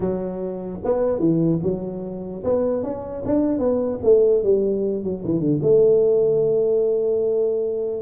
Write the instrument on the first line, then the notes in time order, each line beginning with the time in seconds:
tuba
0.00 F#3
0.84 B3
1.19 E3
1.62 F#3
2.44 B3
2.83 C#4
3.25 D4
3.59 B3
4.03 A3
4.43 G3
5.03 F#3
5.25 E3
5.39 D3
5.62 A3